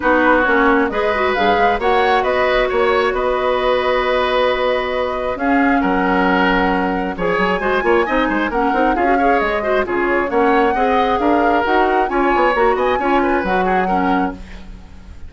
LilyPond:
<<
  \new Staff \with { instrumentName = "flute" } { \time 4/4 \tempo 4 = 134 b'4 cis''4 dis''4 f''4 | fis''4 dis''4 cis''4 dis''4~ | dis''1 | f''4 fis''2. |
gis''2. fis''4 | f''4 dis''4 cis''4 fis''4~ | fis''4 f''4 fis''4 gis''4 | ais''8 gis''4. fis''2 | }
  \new Staff \with { instrumentName = "oboe" } { \time 4/4 fis'2 b'2 | cis''4 b'4 cis''4 b'4~ | b'1 | gis'4 ais'2. |
cis''4 c''8 cis''8 dis''8 c''8 ais'4 | gis'8 cis''4 c''8 gis'4 cis''4 | dis''4 ais'2 cis''4~ | cis''8 dis''8 cis''8 b'4 gis'8 ais'4 | }
  \new Staff \with { instrumentName = "clarinet" } { \time 4/4 dis'4 cis'4 gis'8 fis'8 gis'4 | fis'1~ | fis'1 | cis'1 |
gis'4 fis'8 f'8 dis'4 cis'8 dis'8 | f'16 fis'16 gis'4 fis'8 f'4 cis'4 | gis'2 fis'4 f'4 | fis'4 f'4 fis'4 cis'4 | }
  \new Staff \with { instrumentName = "bassoon" } { \time 4/4 b4 ais4 gis4 g,8 gis8 | ais4 b4 ais4 b4~ | b1 | cis'4 fis2. |
f8 fis8 gis8 ais8 c'8 gis8 ais8 c'8 | cis'4 gis4 cis4 ais4 | c'4 d'4 dis'4 cis'8 b8 | ais8 b8 cis'4 fis2 | }
>>